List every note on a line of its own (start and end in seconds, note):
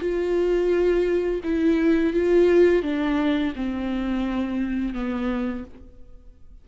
0.00 1.41 F4
1.44 2.14 E4
2.14 2.83 F4
2.83 3.54 D4
3.56 4.94 C4
4.94 5.65 B3